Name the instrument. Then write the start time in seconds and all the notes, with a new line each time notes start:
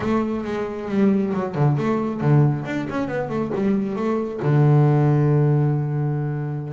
double bass
0.00 A3
0.44 G#3
0.88 G3
1.33 F#3
1.54 D3
1.77 A3
2.20 D3
2.65 D4
2.89 C#4
3.08 B3
3.29 A3
3.54 G3
3.96 A3
4.42 D3